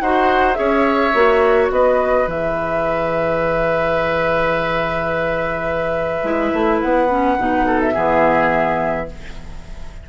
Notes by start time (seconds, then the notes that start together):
0.00 D#4 F#4 C5 F#5
0.54 C#4 G#4 C#5 E5
1.14 A#3 F#4
1.71 B3 B4 D#5
2.27 E3 G#4 E5
6.23 G#3 E4
6.53 A3
6.82 B3 F#5
7.09 C#4
7.39 B2 D#4
7.66 A4
7.81 E5
7.93 E3 B3 G#4